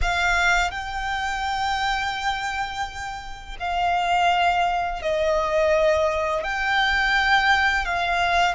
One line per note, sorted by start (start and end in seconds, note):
0.01 0.70 F5
0.70 3.56 G5
3.59 5.02 F5
5.02 6.43 D#5
6.43 7.85 G5
7.85 8.54 F5